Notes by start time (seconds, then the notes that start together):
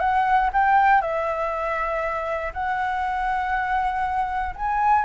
0.00 F#5
0.53 G5
1.01 E5
2.53 F#5
4.56 G#5